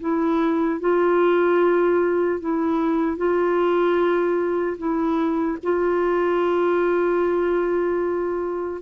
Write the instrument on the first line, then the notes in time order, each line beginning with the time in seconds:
clarinet
0.00 E4
0.80 F4
2.40 E4
3.17 F4
4.78 E4
5.63 F4